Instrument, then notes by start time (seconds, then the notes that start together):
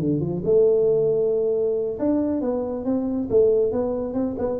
tuba
0.00 D3
0.21 F3
0.45 A3
1.99 D4
2.41 B3
2.85 C4
3.30 A3
3.72 B3
4.14 C4
4.39 B3